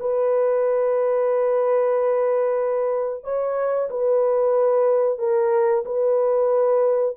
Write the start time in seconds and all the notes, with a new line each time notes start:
0.00 B4
3.24 C#5
3.90 B4
5.19 A#4
5.86 B4